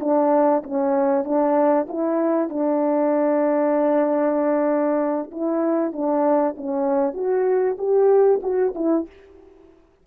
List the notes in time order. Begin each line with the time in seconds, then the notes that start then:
0.00 D4
0.63 C#4
1.24 D4
1.89 E4
2.49 D4
5.32 E4
5.93 D4
6.57 C#4
7.14 F#4
7.78 G4
8.43 F#4
8.75 E4